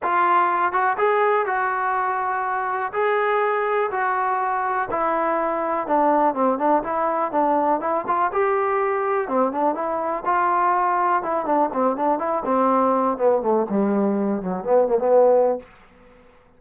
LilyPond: \new Staff \with { instrumentName = "trombone" } { \time 4/4 \tempo 4 = 123 f'4. fis'8 gis'4 fis'4~ | fis'2 gis'2 | fis'2 e'2 | d'4 c'8 d'8 e'4 d'4 |
e'8 f'8 g'2 c'8 d'8 | e'4 f'2 e'8 d'8 | c'8 d'8 e'8 c'4. b8 a8 | g4. fis8 b8 ais16 b4~ b16 | }